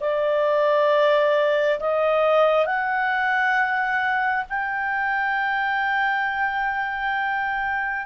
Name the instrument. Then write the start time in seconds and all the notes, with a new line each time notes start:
clarinet
0.00 D5
1.80 D#5
2.65 F#5
4.49 G5